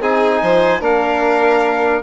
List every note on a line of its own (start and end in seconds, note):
0.00 0.41 C4
0.00 0.80 D#4
0.00 0.42 G#4
0.00 0.83 G#5
0.41 0.80 F3
0.41 0.80 C5
0.80 2.02 A#3
0.80 2.02 D4
0.80 2.02 A#4
0.80 2.02 F5